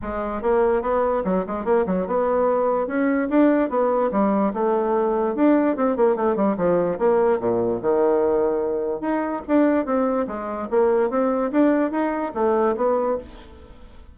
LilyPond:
\new Staff \with { instrumentName = "bassoon" } { \time 4/4 \tempo 4 = 146 gis4 ais4 b4 fis8 gis8 | ais8 fis8 b2 cis'4 | d'4 b4 g4 a4~ | a4 d'4 c'8 ais8 a8 g8 |
f4 ais4 ais,4 dis4~ | dis2 dis'4 d'4 | c'4 gis4 ais4 c'4 | d'4 dis'4 a4 b4 | }